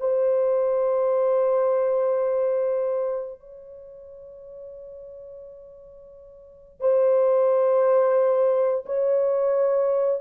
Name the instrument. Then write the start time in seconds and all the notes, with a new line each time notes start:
horn
0.00 C5
3.40 C#5
6.80 C5
8.86 C#5